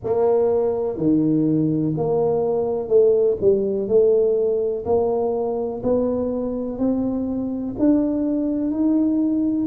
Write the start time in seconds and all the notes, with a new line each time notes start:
0.04 A#3
0.97 D#3
1.96 A#3
2.88 A3
3.40 G3
3.88 A3
4.85 A#3
5.82 B3
6.78 C4
7.78 D4
8.71 D#4